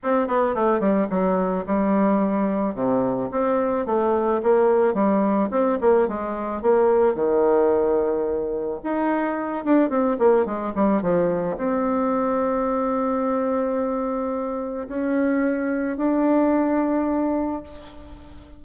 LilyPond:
\new Staff \with { instrumentName = "bassoon" } { \time 4/4 \tempo 4 = 109 c'8 b8 a8 g8 fis4 g4~ | g4 c4 c'4 a4 | ais4 g4 c'8 ais8 gis4 | ais4 dis2. |
dis'4. d'8 c'8 ais8 gis8 g8 | f4 c'2.~ | c'2. cis'4~ | cis'4 d'2. | }